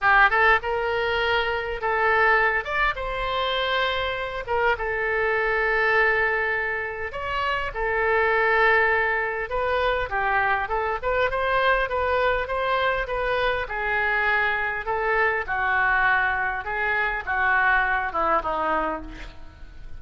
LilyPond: \new Staff \with { instrumentName = "oboe" } { \time 4/4 \tempo 4 = 101 g'8 a'8 ais'2 a'4~ | a'8 d''8 c''2~ c''8 ais'8 | a'1 | cis''4 a'2. |
b'4 g'4 a'8 b'8 c''4 | b'4 c''4 b'4 gis'4~ | gis'4 a'4 fis'2 | gis'4 fis'4. e'8 dis'4 | }